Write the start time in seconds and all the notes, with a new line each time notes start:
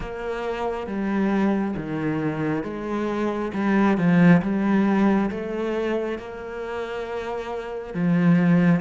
0.00 A#3
0.86 G3
1.76 D#3
2.63 G#3
3.53 G3
3.97 F3
4.42 G3
5.30 A3
6.18 A#3
7.94 F3